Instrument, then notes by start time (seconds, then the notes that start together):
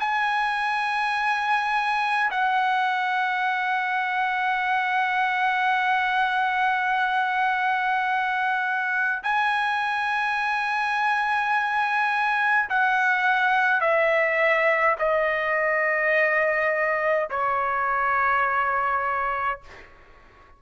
trumpet
0.00 G#5
2.31 F#5
9.24 G#5
12.70 F#5
13.81 E5
14.99 D#5
17.30 C#5